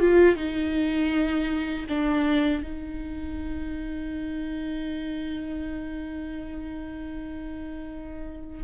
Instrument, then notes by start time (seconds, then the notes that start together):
viola
0.00 F4
0.36 D#4
1.89 D4
2.64 D#4